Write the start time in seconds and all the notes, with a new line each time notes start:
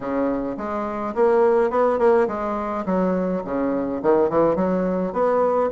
0.00 C#3
0.57 G#3
1.15 A#3
1.70 B3
1.98 A#3
2.27 G#3
2.85 F#3
3.44 C#3
4.02 D#3
4.29 E3
4.55 F#3
5.12 B3